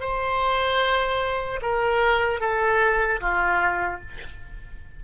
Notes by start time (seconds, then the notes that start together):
0.00 C5
1.61 A#4
2.40 A4
3.20 F4